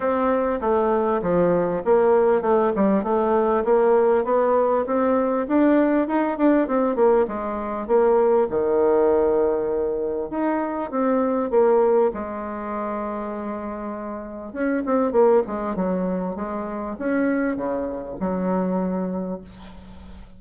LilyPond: \new Staff \with { instrumentName = "bassoon" } { \time 4/4 \tempo 4 = 99 c'4 a4 f4 ais4 | a8 g8 a4 ais4 b4 | c'4 d'4 dis'8 d'8 c'8 ais8 | gis4 ais4 dis2~ |
dis4 dis'4 c'4 ais4 | gis1 | cis'8 c'8 ais8 gis8 fis4 gis4 | cis'4 cis4 fis2 | }